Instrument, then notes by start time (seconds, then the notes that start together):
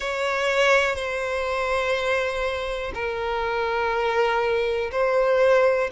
violin
0.00 C#5
0.95 C5
2.94 A#4
4.91 C5